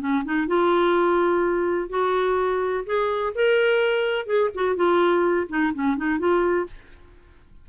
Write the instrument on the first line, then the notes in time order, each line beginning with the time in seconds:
clarinet
0.00 C#4
0.25 D#4
0.48 F4
1.90 F#4
2.86 G#4
3.35 A#4
4.26 G#4
4.55 F#4
4.76 F4
5.49 D#4
5.74 C#4
5.97 D#4
6.19 F4